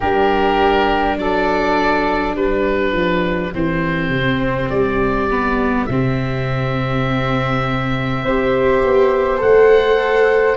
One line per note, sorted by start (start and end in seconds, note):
0.00 1.18 G3
0.00 3.52 D4
0.00 1.16 G4
0.00 1.17 A#4
1.17 2.34 F#3
1.17 2.34 A4
1.17 2.35 D5
2.34 2.92 G3
2.34 8.22 G4
2.34 3.53 B4
2.92 3.51 F3
3.52 4.09 E3
3.52 5.29 C4
3.52 4.69 C5
4.09 4.68 C3
4.69 5.87 G3
4.69 5.86 D5
5.29 5.88 B3
5.86 8.23 C3
5.86 8.25 C4
5.86 9.38 E5
8.23 8.82 C4
8.23 9.37 G4
8.23 10.56 C5
8.83 9.41 B3
9.37 10.56 A3
9.37 10.55 A4
9.37 10.56 F#5